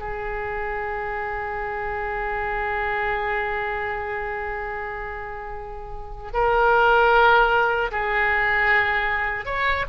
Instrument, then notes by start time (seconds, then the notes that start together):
oboe
0.00 G#4
6.33 A#4
7.92 G#4
9.46 C#5